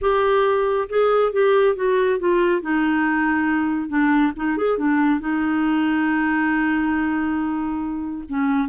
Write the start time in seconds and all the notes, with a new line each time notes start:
0.01 G4
0.89 G#4
1.32 G4
1.75 F#4
2.19 F4
2.61 D#4
3.89 D4
4.35 D#4
4.57 G#4
4.78 D4
5.20 D#4
8.28 C#4